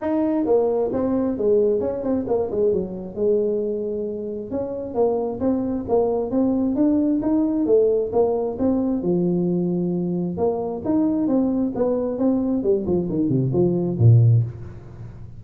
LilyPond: \new Staff \with { instrumentName = "tuba" } { \time 4/4 \tempo 4 = 133 dis'4 ais4 c'4 gis4 | cis'8 c'8 ais8 gis8 fis4 gis4~ | gis2 cis'4 ais4 | c'4 ais4 c'4 d'4 |
dis'4 a4 ais4 c'4 | f2. ais4 | dis'4 c'4 b4 c'4 | g8 f8 dis8 c8 f4 ais,4 | }